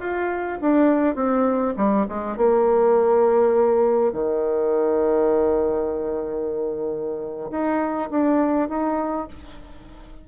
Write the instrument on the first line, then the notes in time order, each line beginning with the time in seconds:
bassoon
0.00 F4
0.61 D4
1.16 C4
1.77 G3
2.09 G#3
2.37 A#3
4.13 D#3
7.51 D#4
8.11 D4
8.70 D#4